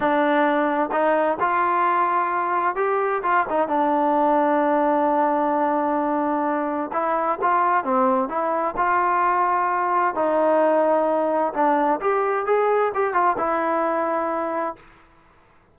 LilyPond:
\new Staff \with { instrumentName = "trombone" } { \time 4/4 \tempo 4 = 130 d'2 dis'4 f'4~ | f'2 g'4 f'8 dis'8 | d'1~ | d'2. e'4 |
f'4 c'4 e'4 f'4~ | f'2 dis'2~ | dis'4 d'4 g'4 gis'4 | g'8 f'8 e'2. | }